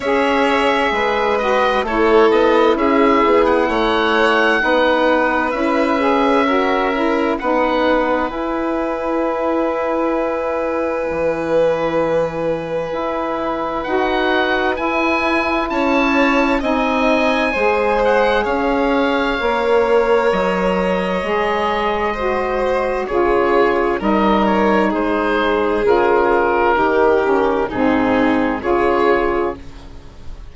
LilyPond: <<
  \new Staff \with { instrumentName = "oboe" } { \time 4/4 \tempo 4 = 65 e''4. dis''8 cis''8 dis''8 e''8. fis''16~ | fis''2 e''2 | fis''4 gis''2.~ | gis''2. fis''4 |
gis''4 a''4 gis''4. fis''8 | f''2 dis''2~ | dis''4 cis''4 dis''8 cis''8 c''4 | ais'2 gis'4 cis''4 | }
  \new Staff \with { instrumentName = "violin" } { \time 4/4 cis''4 b'4 a'4 gis'4 | cis''4 b'2 ais'4 | b'1~ | b'1~ |
b'4 cis''4 dis''4 c''4 | cis''1 | c''4 gis'4 ais'4 gis'4~ | gis'4 g'4 dis'4 gis'4 | }
  \new Staff \with { instrumentName = "saxophone" } { \time 4/4 gis'4. fis'8 e'2~ | e'4 dis'4 e'8 gis'8 fis'8 e'8 | dis'4 e'2.~ | e'2. fis'4 |
e'2 dis'4 gis'4~ | gis'4 ais'2 gis'4 | fis'4 f'4 dis'2 | f'4 dis'8 cis'8 c'4 f'4 | }
  \new Staff \with { instrumentName = "bassoon" } { \time 4/4 cis'4 gis4 a8 b8 cis'8 b8 | a4 b4 cis'2 | b4 e'2. | e2 e'4 dis'4 |
e'4 cis'4 c'4 gis4 | cis'4 ais4 fis4 gis4~ | gis4 cis4 g4 gis4 | cis4 dis4 gis,4 cis4 | }
>>